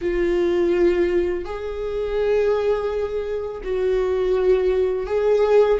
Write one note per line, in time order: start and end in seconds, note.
0.01 1.44 F4
1.44 3.61 G#4
3.63 5.06 F#4
5.06 5.78 G#4